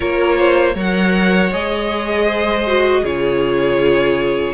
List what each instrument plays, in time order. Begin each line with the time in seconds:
0.00 cello A#3, viola F4, violin A#4 C#5
0.37 violin C5
0.75 cello F#3, viola A#4, violin C#5 F#5
1.52 cello G#3, viola G#4, violin D#5
2.25 violin C5
2.66 viola F#4
3.01 cello C#3, viola F4, violin G#4 C#5